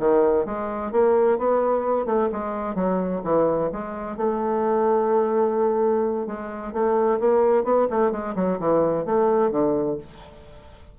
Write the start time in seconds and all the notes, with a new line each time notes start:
0.00 D#3
0.46 G#3
0.92 A#3
1.39 B3
2.06 A3
2.33 G#3
2.75 F#3
3.24 E3
3.73 G#3
4.18 A3
6.27 G#3
6.74 A3
7.20 A#3
7.64 B3
7.91 A3
8.12 G#3
8.36 F#3
8.60 E3
9.06 A3
9.52 D3